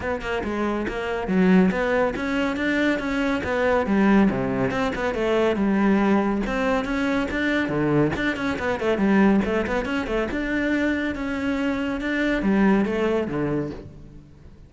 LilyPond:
\new Staff \with { instrumentName = "cello" } { \time 4/4 \tempo 4 = 140 b8 ais8 gis4 ais4 fis4 | b4 cis'4 d'4 cis'4 | b4 g4 c4 c'8 b8 | a4 g2 c'4 |
cis'4 d'4 d4 d'8 cis'8 | b8 a8 g4 a8 b8 cis'8 a8 | d'2 cis'2 | d'4 g4 a4 d4 | }